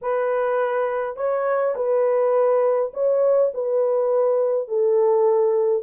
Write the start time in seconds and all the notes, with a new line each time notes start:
0.01 B4
1.16 C#5
1.75 B4
2.93 C#5
3.54 B4
4.68 A4